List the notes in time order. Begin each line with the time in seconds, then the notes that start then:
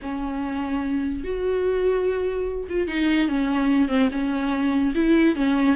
0.01 C#4
1.24 F#4
2.69 F4
2.87 D#4
3.28 C#4
3.88 C4
4.11 C#4
4.94 E4
5.35 C#4